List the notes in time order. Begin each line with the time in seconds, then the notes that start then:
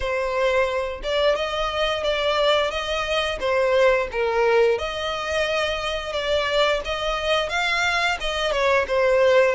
0.00 C5
1.03 D5
1.35 D#5
2.03 D5
2.70 D#5
3.39 C5
4.11 A#4
4.78 D#5
6.12 D5
6.85 D#5
7.49 F5
8.20 D#5
8.51 C#5
8.87 C5